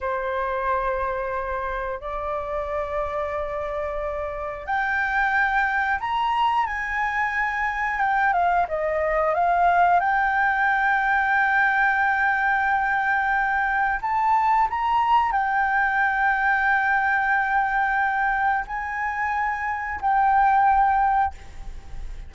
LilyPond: \new Staff \with { instrumentName = "flute" } { \time 4/4 \tempo 4 = 90 c''2. d''4~ | d''2. g''4~ | g''4 ais''4 gis''2 | g''8 f''8 dis''4 f''4 g''4~ |
g''1~ | g''4 a''4 ais''4 g''4~ | g''1 | gis''2 g''2 | }